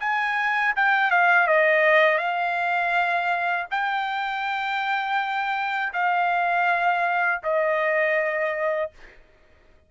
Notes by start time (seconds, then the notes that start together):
0.00 G#5
0.76 G5
1.11 F5
1.47 D#5
2.18 F5
3.70 G5
5.93 F5
7.43 D#5